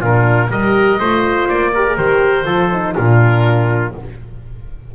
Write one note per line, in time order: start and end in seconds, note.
0.00 0.49 A#2
0.00 0.50 D4
0.00 0.49 F4
0.00 0.51 A#4
0.50 0.98 G3
0.50 1.00 G4
0.50 0.99 A#4
0.50 1.48 D#5
0.99 1.48 A3
0.99 1.74 F4
0.99 1.72 C5
1.48 1.97 A#3
1.48 1.96 D5
1.74 1.86 G4
1.74 2.45 A#4
1.86 1.96 G#4
1.96 2.46 D#3
1.96 2.45 G4
1.96 2.94 C5
2.45 2.95 F3
2.45 2.69 F4
2.45 2.94 A4
2.71 2.96 D#4
2.96 3.95 A#2
2.96 3.93 D4
2.96 3.95 F4
2.96 3.93 A#4